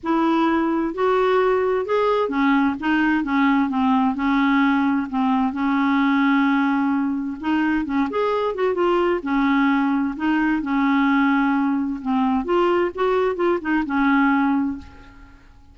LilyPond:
\new Staff \with { instrumentName = "clarinet" } { \time 4/4 \tempo 4 = 130 e'2 fis'2 | gis'4 cis'4 dis'4 cis'4 | c'4 cis'2 c'4 | cis'1 |
dis'4 cis'8 gis'4 fis'8 f'4 | cis'2 dis'4 cis'4~ | cis'2 c'4 f'4 | fis'4 f'8 dis'8 cis'2 | }